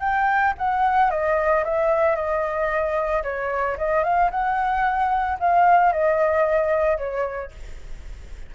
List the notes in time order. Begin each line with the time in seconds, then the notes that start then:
0.00 G5
0.58 F#5
1.10 D#5
1.65 E5
2.16 D#5
3.23 C#5
3.78 D#5
4.04 F5
4.31 F#5
5.39 F5
5.92 D#5
6.97 C#5